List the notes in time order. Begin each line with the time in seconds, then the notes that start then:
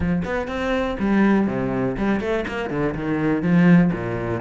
0.00 F3
0.25 B3
0.47 C4
0.99 G3
1.47 C3
1.97 G3
2.20 A3
2.47 A#3
2.70 D3
2.94 D#3
3.42 F3
3.92 A#2